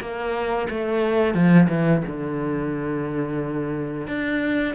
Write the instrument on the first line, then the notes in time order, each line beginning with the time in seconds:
cello
0.00 A#3
0.70 A3
1.34 F3
1.69 E3
2.07 D3
4.07 D4